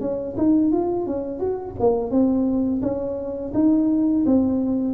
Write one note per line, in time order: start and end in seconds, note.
0.00 0.35 C#4
0.37 0.72 D#4
0.72 1.06 F4
1.06 1.39 C#4
1.39 1.75 F#4
1.79 2.10 A#3
2.10 2.81 C4
2.81 3.52 C#4
3.54 4.24 D#4
4.26 4.94 C4